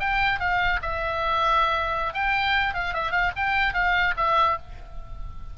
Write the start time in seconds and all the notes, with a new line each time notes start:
0.00 G5
0.40 F5
0.82 E5
2.14 G5
2.74 F5
2.94 E5
3.11 F5
3.36 G5
3.74 F5
4.17 E5